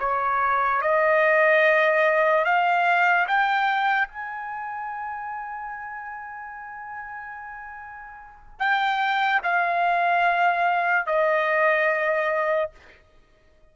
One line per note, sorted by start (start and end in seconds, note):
0.00 0.82 C#5
0.82 2.45 D#5
2.45 3.27 F5
3.28 4.08 G5
4.08 8.60 G#5
8.60 9.42 G5
9.44 11.07 F5
11.07 12.71 D#5